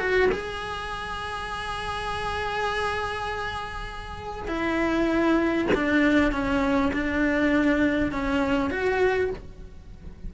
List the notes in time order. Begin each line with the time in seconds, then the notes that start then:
0.00 F#4
0.32 G#4
4.48 E4
5.75 D4
6.32 C#4
6.94 D4
8.12 C#4
8.71 F#4